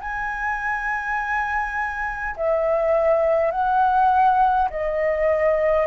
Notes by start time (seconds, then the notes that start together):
0.00 G#5
2.36 E5
3.51 F#5
4.70 D#5